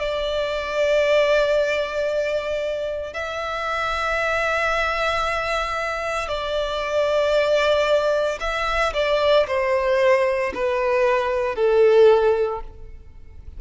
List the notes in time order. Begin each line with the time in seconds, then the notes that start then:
0.00 D5
3.14 E5
6.29 D5
8.41 E5
8.94 D5
9.48 C5
10.55 B4
11.56 A4